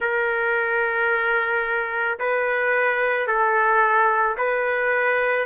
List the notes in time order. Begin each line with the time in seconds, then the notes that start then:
0.00 A#4
2.19 B4
3.27 A4
4.37 B4